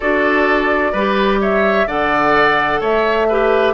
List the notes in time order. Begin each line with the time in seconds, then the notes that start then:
0.00 D4 F#4 A4 D5
0.92 G3 G4 B4
1.41 C#5 E5
1.87 D3 A4 D5 F#5
2.80 A3 C#5 E5
3.29 G4 B4